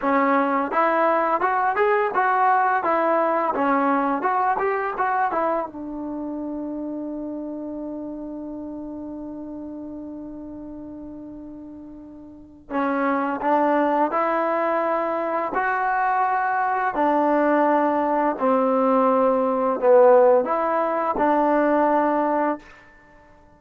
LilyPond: \new Staff \with { instrumentName = "trombone" } { \time 4/4 \tempo 4 = 85 cis'4 e'4 fis'8 gis'8 fis'4 | e'4 cis'4 fis'8 g'8 fis'8 e'8 | d'1~ | d'1~ |
d'2 cis'4 d'4 | e'2 fis'2 | d'2 c'2 | b4 e'4 d'2 | }